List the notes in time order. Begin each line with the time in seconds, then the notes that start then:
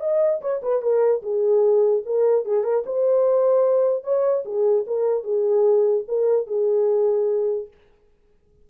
0.00 D#5
0.41 C#5
0.62 B4
0.82 A#4
1.22 G#4
2.06 A#4
2.45 G#4
2.64 A#4
2.86 C5
4.04 C#5
4.45 G#4
4.87 A#4
5.23 G#4
6.08 A#4
6.47 G#4